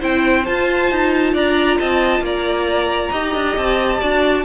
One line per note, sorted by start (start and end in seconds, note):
0.00 0.47 C4
0.00 0.45 E4
0.00 1.33 C5
0.00 0.45 G5
0.45 3.12 F4
0.45 0.91 F4
0.45 1.34 A5
0.91 1.34 D#4
1.34 1.78 D4
1.34 1.78 D5
1.34 1.80 A#5
1.79 2.20 C4
1.79 2.23 D#5
1.79 2.24 A5
2.20 3.09 A#3
2.20 3.11 D5
2.20 3.57 A#5
3.11 3.35 D#4
3.11 4.01 G4
3.11 4.00 D#5
3.35 3.57 D4
3.57 4.01 C4
3.57 4.45 A5
4.00 4.45 D4
4.00 4.45 F#4
4.00 4.44 D5